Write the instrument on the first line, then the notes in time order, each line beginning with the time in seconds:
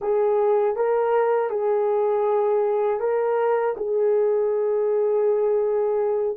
horn
0.01 G#4
0.76 A#4
1.50 G#4
3.00 A#4
3.76 G#4